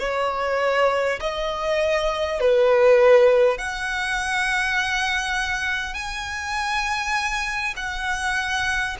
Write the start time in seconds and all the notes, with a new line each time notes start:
0.00 C#5
1.21 D#5
2.41 B4
3.59 F#5
5.95 G#5
7.77 F#5